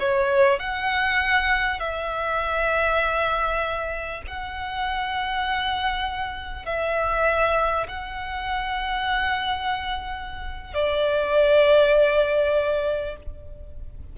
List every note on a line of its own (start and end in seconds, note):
0.00 0.60 C#5
0.60 1.80 F#5
1.80 4.22 E5
4.28 6.66 F#5
6.66 7.87 E5
7.88 10.74 F#5
10.74 13.17 D5